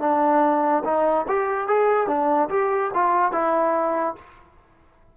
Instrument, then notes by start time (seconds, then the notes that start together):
trombone
0.00 D4
0.84 D#4
1.28 G4
1.67 G#4
2.07 D4
2.49 G4
2.94 F4
3.32 E4